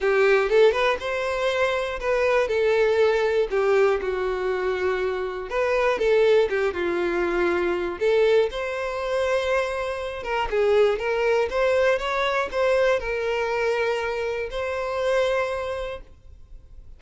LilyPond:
\new Staff \with { instrumentName = "violin" } { \time 4/4 \tempo 4 = 120 g'4 a'8 b'8 c''2 | b'4 a'2 g'4 | fis'2. b'4 | a'4 g'8 f'2~ f'8 |
a'4 c''2.~ | c''8 ais'8 gis'4 ais'4 c''4 | cis''4 c''4 ais'2~ | ais'4 c''2. | }